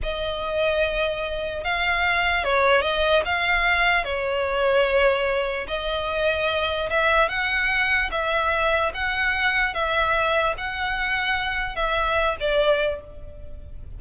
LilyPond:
\new Staff \with { instrumentName = "violin" } { \time 4/4 \tempo 4 = 148 dis''1 | f''2 cis''4 dis''4 | f''2 cis''2~ | cis''2 dis''2~ |
dis''4 e''4 fis''2 | e''2 fis''2 | e''2 fis''2~ | fis''4 e''4. d''4. | }